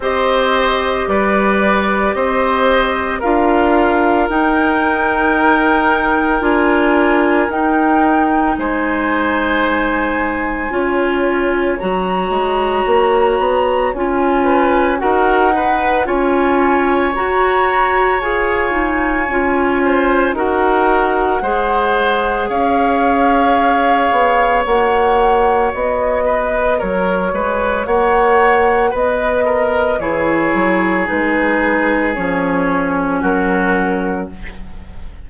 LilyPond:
<<
  \new Staff \with { instrumentName = "flute" } { \time 4/4 \tempo 4 = 56 dis''4 d''4 dis''4 f''4 | g''2 gis''4 g''4 | gis''2. ais''4~ | ais''4 gis''4 fis''4 gis''4 |
ais''4 gis''2 fis''4~ | fis''4 f''2 fis''4 | dis''4 cis''4 fis''4 dis''4 | cis''4 b'4 cis''4 ais'4 | }
  \new Staff \with { instrumentName = "oboe" } { \time 4/4 c''4 b'4 c''4 ais'4~ | ais'1 | c''2 cis''2~ | cis''4. b'8 ais'8 b'8 cis''4~ |
cis''2~ cis''8 c''8 ais'4 | c''4 cis''2.~ | cis''8 b'8 ais'8 b'8 cis''4 b'8 ais'8 | gis'2. fis'4 | }
  \new Staff \with { instrumentName = "clarinet" } { \time 4/4 g'2. f'4 | dis'2 f'4 dis'4~ | dis'2 f'4 fis'4~ | fis'4 f'4 fis'8 b'8 f'4 |
fis'4 gis'8 dis'8 f'4 fis'4 | gis'2. fis'4~ | fis'1 | e'4 dis'4 cis'2 | }
  \new Staff \with { instrumentName = "bassoon" } { \time 4/4 c'4 g4 c'4 d'4 | dis'2 d'4 dis'4 | gis2 cis'4 fis8 gis8 | ais8 b8 cis'4 dis'4 cis'4 |
fis'4 f'4 cis'4 dis'4 | gis4 cis'4. b8 ais4 | b4 fis8 gis8 ais4 b4 | e8 fis8 gis4 f4 fis4 | }
>>